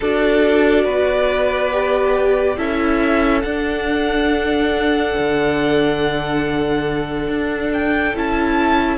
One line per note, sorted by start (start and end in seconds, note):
0.00 0.86 D4
0.00 1.72 F#4
0.00 0.84 A4
0.00 2.58 D5
0.84 2.57 B3
0.84 2.55 B4
1.72 2.57 G4
2.57 3.43 C#4
2.57 3.43 E4
2.57 8.97 A4
2.57 3.42 E5
3.42 5.15 D4
3.42 8.14 D4
3.42 7.70 F#5
5.18 7.27 D3
7.27 8.13 D4
7.73 8.16 G5
8.14 8.97 C#4
8.14 8.97 E4
8.14 8.97 A5